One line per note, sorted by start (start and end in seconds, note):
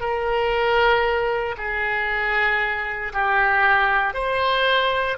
0.00 1.55 A#4
1.57 3.12 G#4
3.13 4.14 G4
4.14 5.17 C5